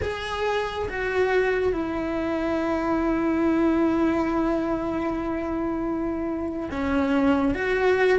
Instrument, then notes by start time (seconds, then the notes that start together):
cello
0.02 G#4
0.88 F#4
1.72 E4
6.70 C#4
7.54 F#4